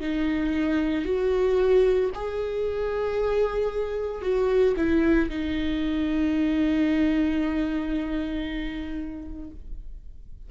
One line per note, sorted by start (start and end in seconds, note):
0.00 1.05 D#4
1.05 2.10 F#4
2.14 4.22 G#4
4.22 4.75 F#4
4.77 5.29 E4
5.29 9.50 D#4